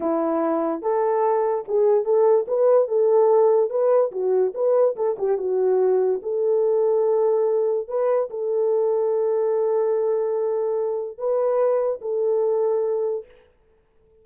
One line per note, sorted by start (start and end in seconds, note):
0.00 0.81 E4
0.82 1.64 A4
1.68 2.04 G#4
2.04 2.46 A4
2.47 2.88 B4
2.88 3.69 A4
3.69 4.11 B4
4.11 4.53 F#4
4.54 4.95 B4
4.96 5.16 A4
5.18 5.37 G4
5.37 6.20 F#4
6.22 7.87 A4
7.88 8.29 B4
8.30 11.17 A4
11.17 12.00 B4
12.01 13.25 A4